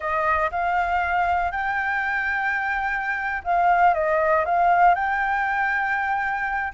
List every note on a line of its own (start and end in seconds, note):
0.00 0.50 D#5
0.51 1.51 F5
1.51 3.42 G5
3.43 3.93 F5
3.93 4.44 D#5
4.45 4.94 F5
4.94 6.72 G5